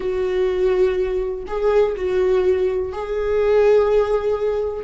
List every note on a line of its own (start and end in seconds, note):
0.00 1.43 F#4
1.47 1.95 G#4
1.96 2.92 F#4
2.92 4.84 G#4